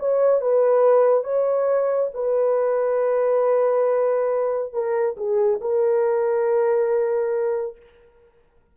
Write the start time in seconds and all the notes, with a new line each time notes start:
0.00 C#5
0.41 B4
1.25 C#5
2.14 B4
4.73 A#4
5.17 G#4
5.61 A#4